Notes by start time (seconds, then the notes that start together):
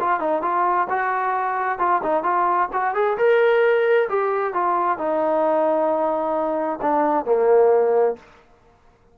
0.00 F4
0.20 D#4
0.42 F4
0.90 F#4
1.79 F4
2.03 D#4
2.23 F4
2.73 F#4
2.95 G#4
3.17 A#4
4.09 G4
4.54 F4
4.98 D#4
6.82 D4
7.25 A#3